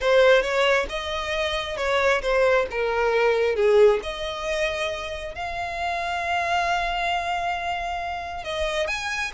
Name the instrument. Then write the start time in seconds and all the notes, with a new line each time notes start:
violin
0.00 C5
0.42 C#5
0.89 D#5
1.77 C#5
2.22 C5
2.70 A#4
3.55 G#4
4.02 D#5
5.34 F5
8.44 D#5
8.87 G#5